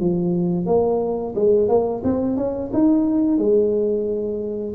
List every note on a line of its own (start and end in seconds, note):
0.00 0.66 F3
0.66 1.34 A#3
1.35 1.68 G#3
1.68 2.02 A#3
2.04 2.37 C4
2.37 2.71 C#4
2.73 3.38 D#4
3.38 4.74 G#3